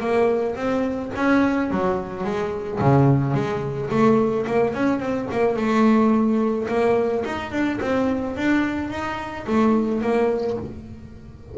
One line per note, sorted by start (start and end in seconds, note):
0.00 0.56 A#3
0.56 1.11 C4
1.16 1.70 C#4
1.70 2.24 F#3
2.24 2.79 G#3
2.80 3.34 C#3
3.34 3.90 G#3
3.90 4.46 A3
4.47 4.74 A#3
4.74 5.00 C#4
5.00 5.28 C4
5.31 5.56 A#3
5.56 6.67 A3
6.68 7.24 A#3
7.25 7.52 D#4
7.52 7.79 D4
7.81 8.36 C4
8.36 8.90 D4
8.90 9.45 D#4
9.46 10.01 A3
10.01 10.57 A#3